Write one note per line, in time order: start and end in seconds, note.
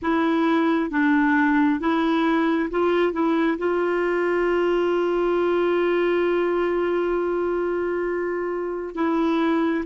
0.02 0.90 E4
0.90 1.80 D4
1.80 2.69 E4
2.70 3.12 F4
3.12 3.57 E4
3.58 8.94 F4
8.94 9.84 E4